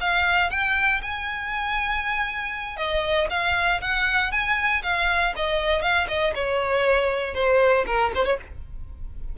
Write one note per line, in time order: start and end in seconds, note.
0.00 0.50 F5
0.50 1.01 G5
1.02 2.77 G#5
2.77 3.28 D#5
3.30 3.81 F5
3.81 4.32 F#5
4.32 4.82 G#5
4.83 5.33 F5
5.36 5.82 D#5
5.82 6.07 F5
6.08 6.34 D#5
6.35 7.34 C#5
7.34 7.85 C5
7.87 8.12 A#4
8.15 8.25 C5
8.25 8.38 C#5